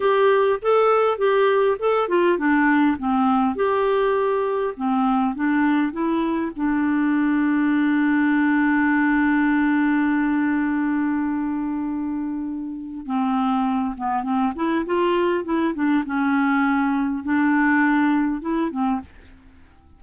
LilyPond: \new Staff \with { instrumentName = "clarinet" } { \time 4/4 \tempo 4 = 101 g'4 a'4 g'4 a'8 f'8 | d'4 c'4 g'2 | c'4 d'4 e'4 d'4~ | d'1~ |
d'1~ | d'2 c'4. b8 | c'8 e'8 f'4 e'8 d'8 cis'4~ | cis'4 d'2 e'8 c'8 | }